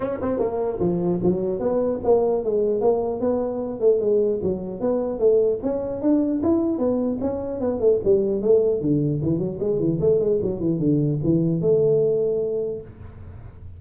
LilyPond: \new Staff \with { instrumentName = "tuba" } { \time 4/4 \tempo 4 = 150 cis'8 c'8 ais4 f4 fis4 | b4 ais4 gis4 ais4 | b4. a8 gis4 fis4 | b4 a4 cis'4 d'4 |
e'4 b4 cis'4 b8 a8 | g4 a4 d4 e8 fis8 | gis8 e8 a8 gis8 fis8 e8 d4 | e4 a2. | }